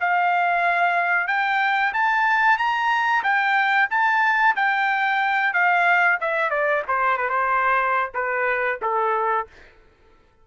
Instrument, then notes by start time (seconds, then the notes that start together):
trumpet
0.00 F5
1.27 G5
1.93 A5
2.58 A#5
3.23 G5
3.90 A5
4.56 G5
5.53 F5
6.20 E5
6.50 D5
6.88 C5
7.17 B4
7.29 C5
8.14 B4
8.82 A4